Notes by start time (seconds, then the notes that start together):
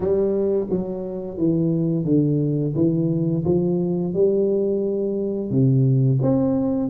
0.00 G3
0.70 F#3
1.37 E3
2.05 D3
2.75 E3
3.45 F3
4.13 G3
5.50 C3
6.21 C4